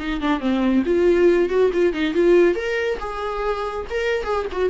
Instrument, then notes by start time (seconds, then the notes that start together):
viola
0.00 D#4
0.21 D4
0.40 C4
0.86 F4
1.49 F#4
1.73 F4
1.93 D#4
2.14 F4
2.55 A#4
3.00 G#4
3.90 A#4
4.24 G#4
4.52 F#4